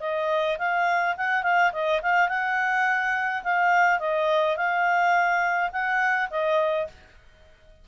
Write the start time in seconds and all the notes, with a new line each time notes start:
0.00 D#5
0.58 F5
1.17 F#5
1.43 F5
1.72 D#5
2.02 F5
2.28 F#5
3.43 F5
3.99 D#5
4.56 F5
5.72 F#5
6.30 D#5